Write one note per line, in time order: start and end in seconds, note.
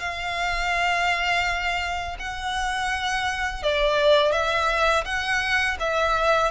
0.00 2.17 F5
2.19 3.63 F#5
3.63 4.32 D5
4.32 5.05 E5
5.05 5.77 F#5
5.80 6.52 E5